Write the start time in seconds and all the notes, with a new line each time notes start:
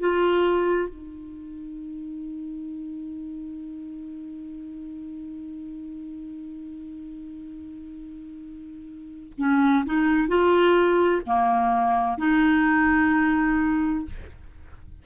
0.00 F4
0.89 D#4
9.38 C#4
9.86 D#4
10.29 F4
11.27 A#3
12.18 D#4